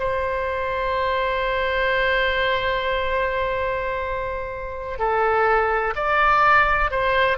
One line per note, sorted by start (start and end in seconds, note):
0.00 4.99 C5
4.99 5.94 A4
5.96 6.91 D5
6.91 7.38 C5